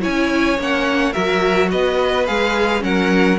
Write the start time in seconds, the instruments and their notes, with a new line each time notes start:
0.00 cello C#4, viola E4, violin C#5 G#5
0.58 cello A#3, viola C#4, violin F#5
1.12 cello F#3, viola F#4, violin A#4 E5
1.70 cello B3, violin B4 D#5
2.26 cello G#3, viola G#4, violin F5
2.79 cello F#3, viola C#4, violin A#4 F#5